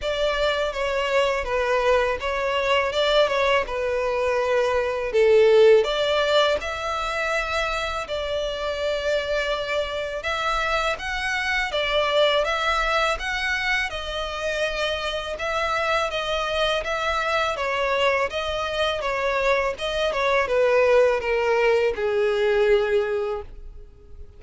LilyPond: \new Staff \with { instrumentName = "violin" } { \time 4/4 \tempo 4 = 82 d''4 cis''4 b'4 cis''4 | d''8 cis''8 b'2 a'4 | d''4 e''2 d''4~ | d''2 e''4 fis''4 |
d''4 e''4 fis''4 dis''4~ | dis''4 e''4 dis''4 e''4 | cis''4 dis''4 cis''4 dis''8 cis''8 | b'4 ais'4 gis'2 | }